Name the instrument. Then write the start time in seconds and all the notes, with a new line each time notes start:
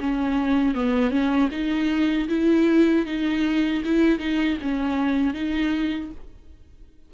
viola
0.00 C#4
0.75 B3
1.11 C#4
1.52 D#4
2.29 E4
3.06 D#4
3.85 E4
4.19 D#4
4.62 C#4
5.34 D#4